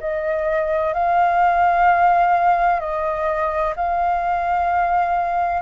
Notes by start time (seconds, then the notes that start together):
0.00 D#5
0.93 F5
2.80 D#5
3.76 F5